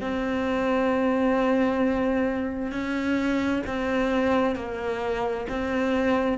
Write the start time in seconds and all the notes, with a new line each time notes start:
0.00 C4
2.71 C#4
3.67 C4
4.55 A#3
5.48 C4